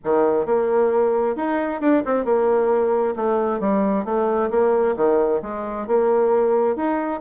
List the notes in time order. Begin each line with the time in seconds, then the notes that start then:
0.04 D#3
0.45 A#3
1.36 D#4
1.80 D4
2.05 C4
2.24 A#3
3.16 A3
3.60 G3
4.05 A3
4.50 A#3
4.96 D#3
5.42 G#3
5.87 A#3
6.75 D#4